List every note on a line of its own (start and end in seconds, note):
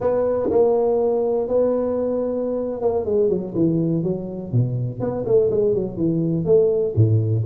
0.00 0.49 B3
0.50 1.47 A#3
1.47 2.81 B3
2.81 3.05 A#3
3.05 3.29 G#3
3.29 3.53 F#3
3.54 4.03 E3
4.03 4.52 F#3
4.52 5.00 B2
5.00 5.24 B3
5.25 5.50 A3
5.50 5.74 G#3
5.74 5.96 F#3
5.96 6.45 E3
6.45 6.94 A3
6.95 7.44 A2